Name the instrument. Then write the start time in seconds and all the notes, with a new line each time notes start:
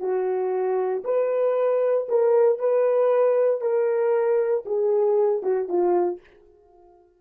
horn
0.00 F#4
1.04 B4
2.09 A#4
2.59 B4
3.61 A#4
4.66 G#4
5.43 F#4
5.69 F4